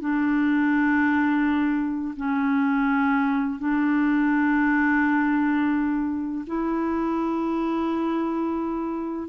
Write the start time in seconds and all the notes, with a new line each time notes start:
0.00 D4
2.16 C#4
3.59 D4
6.46 E4